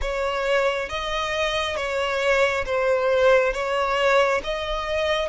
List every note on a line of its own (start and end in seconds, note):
0.01 0.89 C#5
0.89 1.76 D#5
1.76 2.64 C#5
2.65 3.53 C5
3.53 4.41 C#5
4.43 5.28 D#5